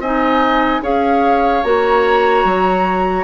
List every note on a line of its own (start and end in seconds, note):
0.00 0.81 C4
0.00 0.83 D#4
0.00 0.82 D#5
0.00 0.84 G#5
0.82 1.63 C#4
0.82 1.64 G#4
0.82 3.25 C#5
0.82 1.64 F5
1.64 2.45 A#3
1.64 3.25 F#4
1.64 3.25 A#5
2.45 3.25 F#3